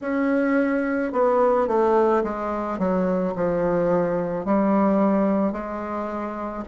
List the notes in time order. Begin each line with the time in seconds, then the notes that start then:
0.01 C#4
1.12 B3
1.67 A3
2.23 G#3
2.78 F#3
3.35 F3
4.44 G3
5.52 G#3